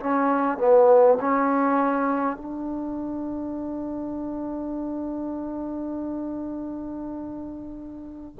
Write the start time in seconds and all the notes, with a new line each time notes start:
0.00 C#4
0.58 B3
1.20 C#4
2.36 D4